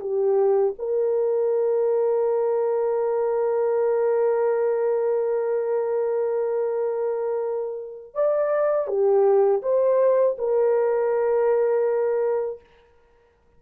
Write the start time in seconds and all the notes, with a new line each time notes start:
0.00 G4
0.78 A#4
8.14 D5
8.87 G4
9.62 C5
10.38 A#4